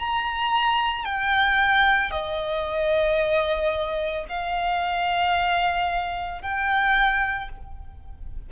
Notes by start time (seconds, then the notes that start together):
0.00 A#5
1.06 G5
2.12 D#5
4.29 F5
6.42 G5